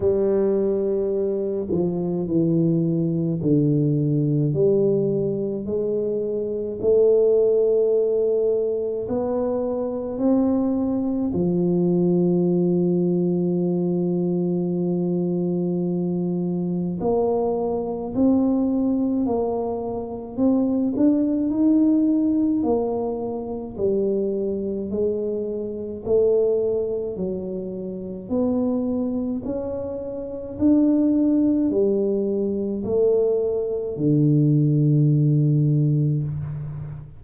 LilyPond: \new Staff \with { instrumentName = "tuba" } { \time 4/4 \tempo 4 = 53 g4. f8 e4 d4 | g4 gis4 a2 | b4 c'4 f2~ | f2. ais4 |
c'4 ais4 c'8 d'8 dis'4 | ais4 g4 gis4 a4 | fis4 b4 cis'4 d'4 | g4 a4 d2 | }